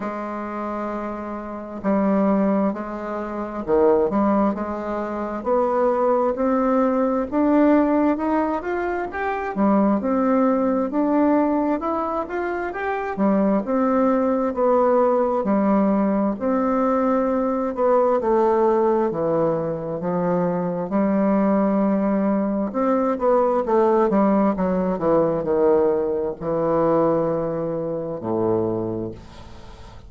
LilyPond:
\new Staff \with { instrumentName = "bassoon" } { \time 4/4 \tempo 4 = 66 gis2 g4 gis4 | dis8 g8 gis4 b4 c'4 | d'4 dis'8 f'8 g'8 g8 c'4 | d'4 e'8 f'8 g'8 g8 c'4 |
b4 g4 c'4. b8 | a4 e4 f4 g4~ | g4 c'8 b8 a8 g8 fis8 e8 | dis4 e2 a,4 | }